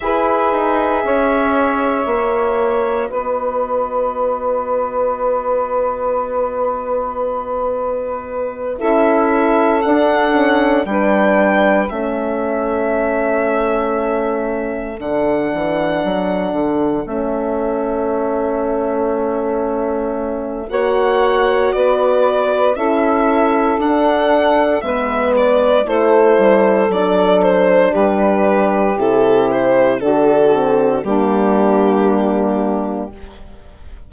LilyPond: <<
  \new Staff \with { instrumentName = "violin" } { \time 4/4 \tempo 4 = 58 e''2. dis''4~ | dis''1~ | dis''8 e''4 fis''4 g''4 e''8~ | e''2~ e''8 fis''4.~ |
fis''8 e''2.~ e''8 | fis''4 d''4 e''4 fis''4 | e''8 d''8 c''4 d''8 c''8 b'4 | a'8 c''8 a'4 g'2 | }
  \new Staff \with { instrumentName = "saxophone" } { \time 4/4 b'4 cis''2 b'4~ | b'1~ | b'8 a'2 b'4 a'8~ | a'1~ |
a'1 | cis''4 b'4 a'2 | b'4 a'2 g'4~ | g'4 fis'4 d'2 | }
  \new Staff \with { instrumentName = "horn" } { \time 4/4 gis'2 fis'2~ | fis'1~ | fis'8 e'4 d'8 cis'8 d'4 cis'8~ | cis'2~ cis'8 d'4.~ |
d'8 cis'2.~ cis'8 | fis'2 e'4 d'4 | b4 e'4 d'2 | e'4 d'8 c'8 ais2 | }
  \new Staff \with { instrumentName = "bassoon" } { \time 4/4 e'8 dis'8 cis'4 ais4 b4~ | b1~ | b8 cis'4 d'4 g4 a8~ | a2~ a8 d8 e8 fis8 |
d8 a2.~ a8 | ais4 b4 cis'4 d'4 | gis4 a8 g8 fis4 g4 | c4 d4 g2 | }
>>